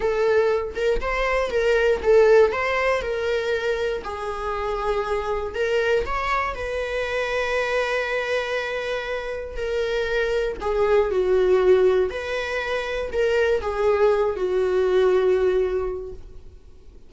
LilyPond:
\new Staff \with { instrumentName = "viola" } { \time 4/4 \tempo 4 = 119 a'4. ais'8 c''4 ais'4 | a'4 c''4 ais'2 | gis'2. ais'4 | cis''4 b'2.~ |
b'2. ais'4~ | ais'4 gis'4 fis'2 | b'2 ais'4 gis'4~ | gis'8 fis'2.~ fis'8 | }